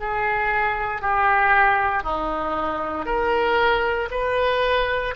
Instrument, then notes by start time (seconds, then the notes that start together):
oboe
0.00 G#4
1.02 G4
2.03 D#4
3.05 A#4
4.11 B4